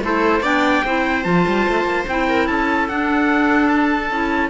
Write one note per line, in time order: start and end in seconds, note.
0.00 0.41 A3
0.00 0.42 E4
0.00 0.42 A4
0.00 0.45 C5
0.41 0.82 B3
0.41 0.83 D4
0.41 0.83 D5
0.41 1.24 G5
0.85 1.25 C4
0.85 1.24 E4
0.85 2.29 C5
1.24 1.46 F3
1.24 2.06 F4
1.24 2.06 A5
1.47 1.68 G3
1.68 1.85 A3
1.85 2.05 A#3
2.09 2.49 C4
2.09 2.90 E4
2.09 2.48 G5
2.29 2.49 A#4
2.48 2.89 C#4
2.48 4.50 A4
2.48 2.89 A5
2.89 4.11 D4
2.89 4.12 D4
2.89 3.69 F#5
3.69 4.50 A5
4.11 4.50 C#4
4.11 4.50 E4